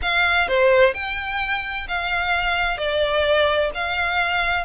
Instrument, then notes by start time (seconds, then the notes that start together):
violin
0.01 F5
0.48 C5
0.94 G5
1.88 F5
2.77 D5
3.74 F5